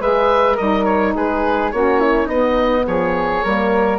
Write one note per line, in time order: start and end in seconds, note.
0.00 0.57 G#3
0.00 0.57 G#4
0.00 0.55 B4
0.00 0.57 E5
0.55 1.15 G3
0.55 1.72 D#4
0.55 1.12 A#4
0.55 0.84 D#5
0.84 1.13 C#5
1.15 1.72 G#3
1.15 1.72 G#4
1.15 1.71 B4
1.71 2.27 A#3
1.71 2.28 C#4
1.71 2.00 F#4
1.71 2.28 C#5
2.00 2.25 E4
2.25 2.84 B3
2.25 3.43 B3
2.25 2.82 D#4
2.25 2.85 D#5
2.87 3.44 F3
2.87 3.44 G#4
2.87 3.98 C#5
3.43 3.98 G3
3.43 3.98 A#3
3.43 3.98 A#4